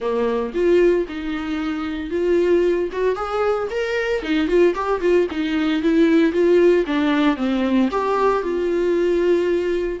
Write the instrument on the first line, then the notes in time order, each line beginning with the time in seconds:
viola
0.00 A#3
0.54 F4
1.08 D#4
2.10 F4
2.91 F#4
3.15 G#4
3.70 A#4
4.22 D#4
4.47 F4
4.74 G4
5.00 F4
5.30 D#4
5.82 E4
6.32 F4
6.86 D4
7.36 C4
7.91 G4
8.42 F4